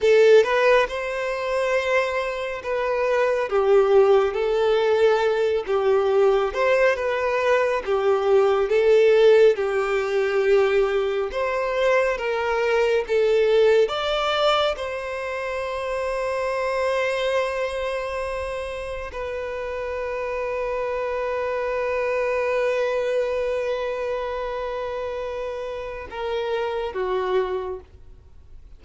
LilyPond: \new Staff \with { instrumentName = "violin" } { \time 4/4 \tempo 4 = 69 a'8 b'8 c''2 b'4 | g'4 a'4. g'4 c''8 | b'4 g'4 a'4 g'4~ | g'4 c''4 ais'4 a'4 |
d''4 c''2.~ | c''2 b'2~ | b'1~ | b'2 ais'4 fis'4 | }